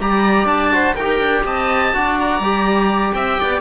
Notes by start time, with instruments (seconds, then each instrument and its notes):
0.00 cello G3, trombone G4, viola D5, oboe A#5
0.45 cello D4, oboe A5
0.72 trombone F#4, viola C5
0.95 cello D#4, trombone G4, viola A#4, oboe G5
1.20 cello D4
1.45 cello C4, viola D#5, oboe A5
1.94 cello D4, trombone F#4, viola D5
2.20 oboe A#5
2.40 cello G3, trombone G4
3.14 cello C4, viola E5, oboe G5
3.40 cello B3, viola D5